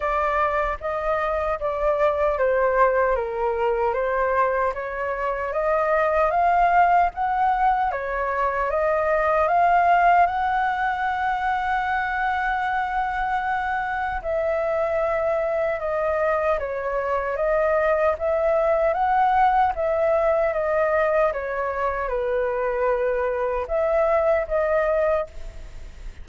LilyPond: \new Staff \with { instrumentName = "flute" } { \time 4/4 \tempo 4 = 76 d''4 dis''4 d''4 c''4 | ais'4 c''4 cis''4 dis''4 | f''4 fis''4 cis''4 dis''4 | f''4 fis''2.~ |
fis''2 e''2 | dis''4 cis''4 dis''4 e''4 | fis''4 e''4 dis''4 cis''4 | b'2 e''4 dis''4 | }